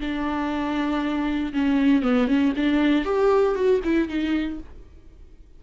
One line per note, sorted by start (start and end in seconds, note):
0.00 1.53 D4
1.53 2.02 C#4
2.02 2.27 B3
2.27 2.53 C#4
2.56 3.04 D4
3.04 3.55 G4
3.55 3.80 F#4
3.84 4.08 E4
4.08 4.59 D#4